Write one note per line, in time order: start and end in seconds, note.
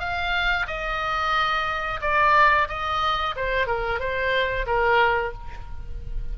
0.00 0.67 F5
0.68 2.01 D#5
2.02 2.68 D5
2.69 3.35 D#5
3.36 3.67 C5
3.67 4.00 A#4
4.00 4.66 C5
4.67 5.34 A#4